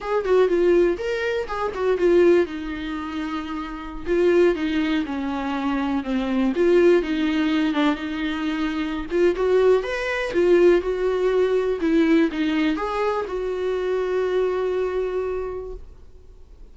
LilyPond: \new Staff \with { instrumentName = "viola" } { \time 4/4 \tempo 4 = 122 gis'8 fis'8 f'4 ais'4 gis'8 fis'8 | f'4 dis'2.~ | dis'16 f'4 dis'4 cis'4.~ cis'16~ | cis'16 c'4 f'4 dis'4. d'16~ |
d'16 dis'2~ dis'16 f'8 fis'4 | b'4 f'4 fis'2 | e'4 dis'4 gis'4 fis'4~ | fis'1 | }